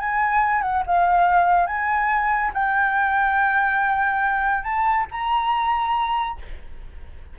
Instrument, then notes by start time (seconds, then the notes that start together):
flute
0.00 G#5
0.62 F#5
0.87 F5
1.67 G#5
2.54 G5
4.64 A5
5.12 A#5